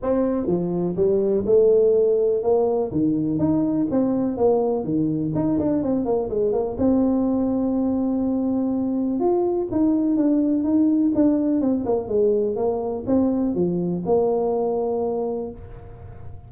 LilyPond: \new Staff \with { instrumentName = "tuba" } { \time 4/4 \tempo 4 = 124 c'4 f4 g4 a4~ | a4 ais4 dis4 dis'4 | c'4 ais4 dis4 dis'8 d'8 | c'8 ais8 gis8 ais8 c'2~ |
c'2. f'4 | dis'4 d'4 dis'4 d'4 | c'8 ais8 gis4 ais4 c'4 | f4 ais2. | }